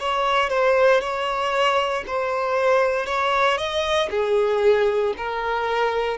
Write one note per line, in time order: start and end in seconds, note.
0.00 0.50 C#5
0.50 1.01 C5
1.01 2.05 C#5
2.07 3.06 C5
3.06 3.58 C#5
3.58 4.10 D#5
4.11 5.14 G#4
5.18 6.18 A#4